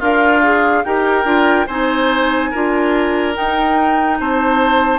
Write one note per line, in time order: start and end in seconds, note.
0.00 0.85 D4
0.00 0.83 F4
0.00 0.43 A#4
0.00 0.85 F5
0.43 0.85 G#4
0.85 1.25 D#4
0.85 1.25 G4
0.85 1.67 A#4
0.85 1.68 G5
1.25 1.67 D4
1.25 1.67 F4
1.67 2.52 C4
1.67 2.54 D#4
1.67 2.51 C5
1.67 3.35 G#5
2.52 3.38 D4
2.52 3.35 F4
2.52 4.18 A#4
3.35 4.99 D#4
3.35 4.20 D#4
3.35 4.19 G5
4.20 4.99 C4
4.20 4.99 C5
4.20 4.99 A5